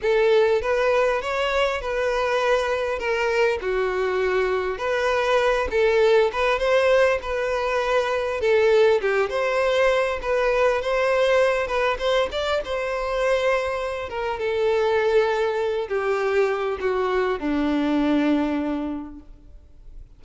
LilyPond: \new Staff \with { instrumentName = "violin" } { \time 4/4 \tempo 4 = 100 a'4 b'4 cis''4 b'4~ | b'4 ais'4 fis'2 | b'4. a'4 b'8 c''4 | b'2 a'4 g'8 c''8~ |
c''4 b'4 c''4. b'8 | c''8 d''8 c''2~ c''8 ais'8 | a'2~ a'8 g'4. | fis'4 d'2. | }